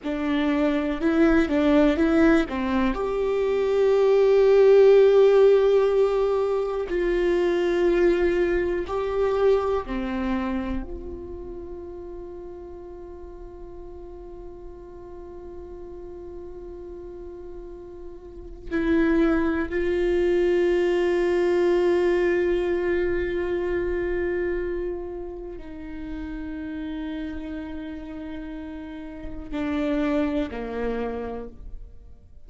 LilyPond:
\new Staff \with { instrumentName = "viola" } { \time 4/4 \tempo 4 = 61 d'4 e'8 d'8 e'8 c'8 g'4~ | g'2. f'4~ | f'4 g'4 c'4 f'4~ | f'1~ |
f'2. e'4 | f'1~ | f'2 dis'2~ | dis'2 d'4 ais4 | }